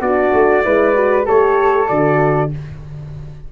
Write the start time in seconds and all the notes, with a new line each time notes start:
0.00 B3 D4 F#4 D5
0.33 A3
0.63 G#3 E4 B4
0.94 F#4
1.25 A3 G4 A4 C#5
1.88 D3 F#4 D5